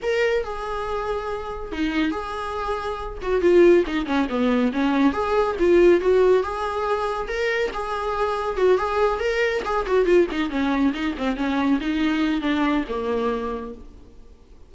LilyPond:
\new Staff \with { instrumentName = "viola" } { \time 4/4 \tempo 4 = 140 ais'4 gis'2. | dis'4 gis'2~ gis'8 fis'8 | f'4 dis'8 cis'8 b4 cis'4 | gis'4 f'4 fis'4 gis'4~ |
gis'4 ais'4 gis'2 | fis'8 gis'4 ais'4 gis'8 fis'8 f'8 | dis'8 cis'4 dis'8 c'8 cis'4 dis'8~ | dis'4 d'4 ais2 | }